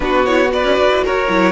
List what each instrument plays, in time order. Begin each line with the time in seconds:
0.00 cello B3, viola D4, violin F#4 B4
0.25 viola E4, violin C#5
0.47 viola F#4, violin D5
0.53 violin B4
0.64 cello C#4
0.77 cello D4
0.90 cello E4
1.03 cello F#4, violin A#4 C#5
1.28 cello F#3, viola E4